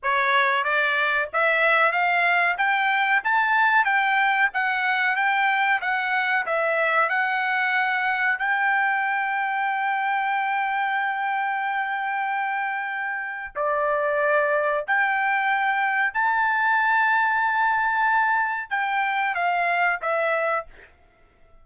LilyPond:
\new Staff \with { instrumentName = "trumpet" } { \time 4/4 \tempo 4 = 93 cis''4 d''4 e''4 f''4 | g''4 a''4 g''4 fis''4 | g''4 fis''4 e''4 fis''4~ | fis''4 g''2.~ |
g''1~ | g''4 d''2 g''4~ | g''4 a''2.~ | a''4 g''4 f''4 e''4 | }